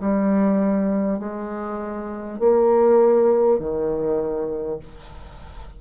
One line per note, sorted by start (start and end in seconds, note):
0.00 1.19 G3
1.19 2.39 G#3
2.39 3.59 A#3
3.59 4.79 D#3